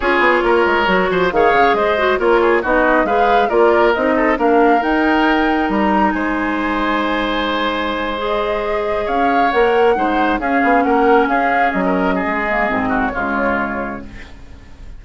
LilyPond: <<
  \new Staff \with { instrumentName = "flute" } { \time 4/4 \tempo 4 = 137 cis''2. f''4 | dis''4 cis''4 dis''4 f''4 | d''4 dis''4 f''4 g''4~ | g''4 ais''4 gis''2~ |
gis''2~ gis''8. dis''4~ dis''16~ | dis''8. f''4 fis''2 f''16~ | f''8. fis''4 f''4 dis''4~ dis''16~ | dis''4.~ dis''16 cis''2~ cis''16 | }
  \new Staff \with { instrumentName = "oboe" } { \time 4/4 gis'4 ais'4. c''8 cis''4 | c''4 ais'8 gis'8 fis'4 b'4 | ais'4. a'8 ais'2~ | ais'2 c''2~ |
c''1~ | c''8. cis''2 c''4 gis'16~ | gis'8. ais'4 gis'4~ gis'16 ais'8. gis'16~ | gis'4. fis'8 f'2 | }
  \new Staff \with { instrumentName = "clarinet" } { \time 4/4 f'2 fis'4 gis'4~ | gis'8 fis'8 f'4 dis'4 gis'4 | f'4 dis'4 d'4 dis'4~ | dis'1~ |
dis'2~ dis'8. gis'4~ gis'16~ | gis'4.~ gis'16 ais'4 dis'4 cis'16~ | cis'1~ | cis'8 ais8 c'4 gis2 | }
  \new Staff \with { instrumentName = "bassoon" } { \time 4/4 cis'8 b8 ais8 gis8 fis8 f8 dis8 cis8 | gis4 ais4 b4 gis4 | ais4 c'4 ais4 dis'4~ | dis'4 g4 gis2~ |
gis1~ | gis8. cis'4 ais4 gis4 cis'16~ | cis'16 b8 ais4 cis'4 fis4~ fis16 | gis4 gis,4 cis2 | }
>>